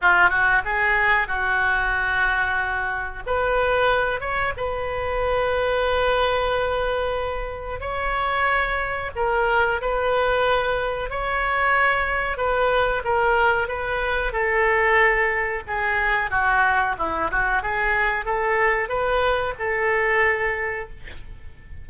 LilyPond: \new Staff \with { instrumentName = "oboe" } { \time 4/4 \tempo 4 = 92 f'8 fis'8 gis'4 fis'2~ | fis'4 b'4. cis''8 b'4~ | b'1 | cis''2 ais'4 b'4~ |
b'4 cis''2 b'4 | ais'4 b'4 a'2 | gis'4 fis'4 e'8 fis'8 gis'4 | a'4 b'4 a'2 | }